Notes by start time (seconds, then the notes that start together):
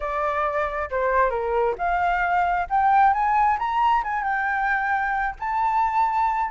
0.00 D5
0.90 C5
1.30 A#4
1.77 F5
2.69 G5
3.13 G#5
3.58 A#5
4.03 G#5
4.23 G5
5.39 A5